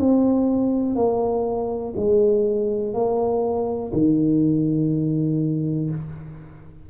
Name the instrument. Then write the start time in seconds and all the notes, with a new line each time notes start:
tuba
0.00 C4
0.96 A#3
1.96 G#3
2.94 A#3
3.93 D#3